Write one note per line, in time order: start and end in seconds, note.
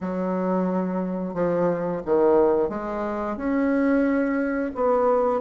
0.00 1.34 F#3
1.34 2.01 F3
2.05 2.69 D#3
2.69 3.36 G#3
3.36 4.71 C#4
4.74 5.41 B3